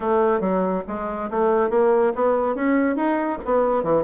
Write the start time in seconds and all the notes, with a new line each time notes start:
0.00 A3
0.40 F#3
0.87 G#3
1.30 A3
1.70 A#3
2.15 B3
2.55 C#4
2.96 D#4
3.45 B3
3.83 E3